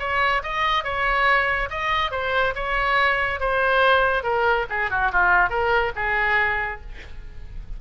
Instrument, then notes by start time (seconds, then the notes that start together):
oboe
0.00 C#5
0.43 D#5
0.84 C#5
1.70 D#5
2.12 C5
2.56 C#5
3.40 C5
4.24 A#4
4.70 G#4
4.91 F#4
5.12 F4
5.50 A#4
5.96 G#4